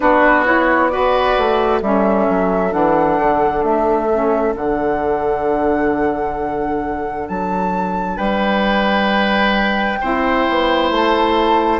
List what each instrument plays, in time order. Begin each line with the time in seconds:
0.00 bassoon B3, saxophone D4, oboe F#4, flute B4
0.45 saxophone E4, flute C#5
0.88 saxophone F#4, oboe B4, flute D5
1.37 bassoon A3
1.81 bassoon G3, saxophone C#4, oboe A4, flute E5
2.28 bassoon F#3
2.70 bassoon E3, saxophone D4, flute F#5
3.19 bassoon D3
3.63 bassoon A3, flute E5
4.12 saxophone C#4
4.56 bassoon D3, saxophone D4, flute F#5
7.28 bassoon F#3, flute A5
8.16 bassoon G3, oboe B4, flute G5
10.00 bassoon C4, saxophone E4, oboe C5
10.49 bassoon B3
10.90 bassoon A3, flute A5